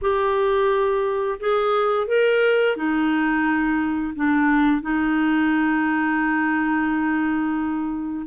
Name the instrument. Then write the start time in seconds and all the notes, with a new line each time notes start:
clarinet
0.01 G4
1.40 G#4
2.07 A#4
2.76 D#4
4.15 D4
4.81 D#4